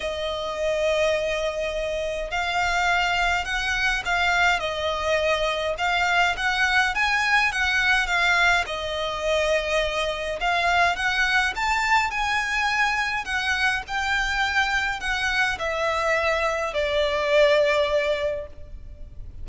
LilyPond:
\new Staff \with { instrumentName = "violin" } { \time 4/4 \tempo 4 = 104 dis''1 | f''2 fis''4 f''4 | dis''2 f''4 fis''4 | gis''4 fis''4 f''4 dis''4~ |
dis''2 f''4 fis''4 | a''4 gis''2 fis''4 | g''2 fis''4 e''4~ | e''4 d''2. | }